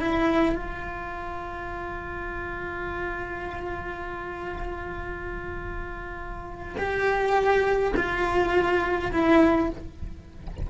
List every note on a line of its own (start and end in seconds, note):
0.00 0.56 E4
0.56 6.76 F4
6.78 7.93 G4
7.97 9.12 F4
9.12 9.70 E4